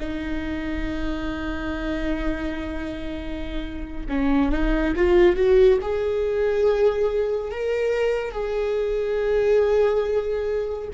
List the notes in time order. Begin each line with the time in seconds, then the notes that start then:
0.00 D#4
4.09 C#4
4.52 D#4
4.96 F4
5.36 F#4
5.82 G#4
7.51 A#4
8.32 G#4